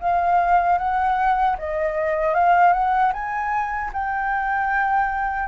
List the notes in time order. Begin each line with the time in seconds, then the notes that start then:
0.00 F5
0.78 F#5
1.58 D#5
2.34 F5
2.73 F#5
3.13 G#5
3.93 G5